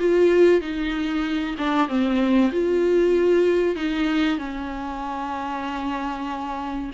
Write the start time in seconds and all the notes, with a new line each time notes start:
0.00 F4
0.62 D#4
1.58 D4
1.89 C4
2.52 F4
3.76 D#4
4.39 C#4